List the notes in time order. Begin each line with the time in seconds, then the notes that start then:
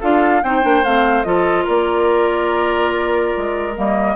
0.00 D4 F4 A4 F5
0.43 C4 D#4 C5 G5
0.62 A#3 D4
0.84 A3 C4 F5
1.23 F3 F4 A4 D#5
1.64 A#3 A#4 D5
3.37 G#3
3.75 G3 A#3 D#5